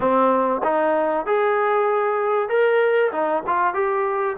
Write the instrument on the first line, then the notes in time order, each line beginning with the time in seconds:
trombone
0.00 C4
0.63 D#4
1.26 G#4
2.48 A#4
3.12 D#4
3.46 F4
3.74 G4